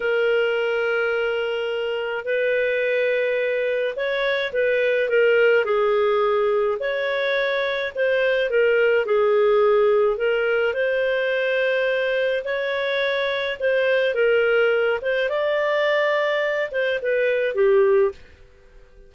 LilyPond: \new Staff \with { instrumentName = "clarinet" } { \time 4/4 \tempo 4 = 106 ais'1 | b'2. cis''4 | b'4 ais'4 gis'2 | cis''2 c''4 ais'4 |
gis'2 ais'4 c''4~ | c''2 cis''2 | c''4 ais'4. c''8 d''4~ | d''4. c''8 b'4 g'4 | }